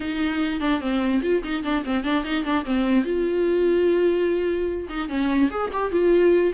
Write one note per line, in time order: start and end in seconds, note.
0.00 0.60 D#4
0.60 0.80 D4
0.80 1.21 C4
1.22 1.42 F4
1.43 1.63 D#4
1.63 1.83 D4
1.85 2.04 C4
2.04 2.24 D4
2.24 2.44 D#4
2.44 2.64 D4
2.65 3.04 C4
3.04 4.88 F4
4.89 5.09 D#4
5.09 5.49 C#4
5.50 5.71 G#4
5.73 5.91 G4
5.91 6.52 F4